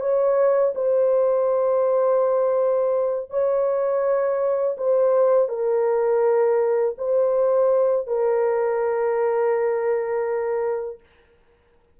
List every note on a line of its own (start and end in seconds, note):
0.00 0.73 C#5
0.75 3.30 C5
3.30 4.76 C#5
4.77 5.48 C5
5.48 6.95 A#4
6.98 8.07 C5
8.07 11.00 A#4